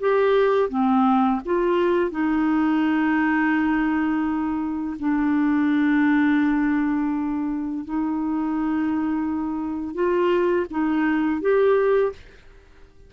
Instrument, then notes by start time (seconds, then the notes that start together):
clarinet
0.00 G4
0.69 C4
1.45 F4
2.11 D#4
4.99 D4
7.85 D#4
9.94 F4
10.70 D#4
11.41 G4